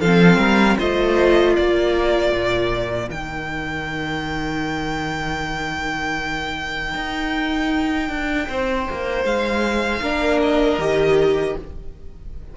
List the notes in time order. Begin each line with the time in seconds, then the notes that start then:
0.00 F3 C4 A4 F5
0.37 G3 A#4
0.79 A3 F4 C5 D#5
1.55 A#3 A#4 D5
2.32 A#2
3.10 D#3 D#4 G5
6.94 D#4
8.09 D4
8.48 C4 C5
8.91 A#3
9.24 G#3 F5
10.01 A#3 D4 A#4
10.41 D#5
10.78 D#3 G4